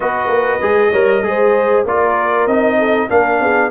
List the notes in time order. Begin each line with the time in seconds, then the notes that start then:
0.00 B3 F#4 B4 D#5
0.27 A#3
0.61 G#3 G#4
0.90 G3 A#4 C#5
1.22 G#3 G#4 C5
1.85 A#3 F4 A#4 D5
2.46 C4 D#4 D#5
2.78 A4
3.09 A#3 D4 A#4 F5
3.39 B3 G#4